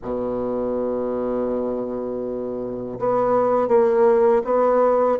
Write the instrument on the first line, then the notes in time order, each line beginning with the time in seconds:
bassoon
0.02 B2
2.99 B3
3.68 A#3
4.44 B3